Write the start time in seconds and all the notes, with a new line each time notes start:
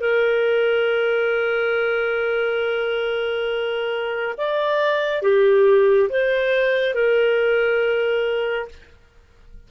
0.00 A#4
4.37 D5
5.22 G4
6.09 C5
6.94 A#4